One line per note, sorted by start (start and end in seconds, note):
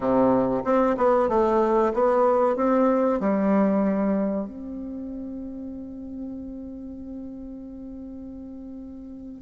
0.00 0.63 C3
0.64 0.96 C4
0.97 1.29 B3
1.29 1.92 A3
1.93 2.56 B3
2.56 3.19 C4
3.19 4.47 G3
4.47 9.41 C4